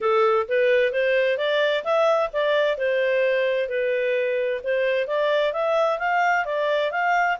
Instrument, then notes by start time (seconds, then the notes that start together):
clarinet
0.00 A4
0.48 B4
0.92 C5
1.37 D5
1.84 E5
2.32 D5
2.77 C5
3.68 B4
4.63 C5
5.07 D5
5.52 E5
5.99 F5
6.45 D5
6.91 F5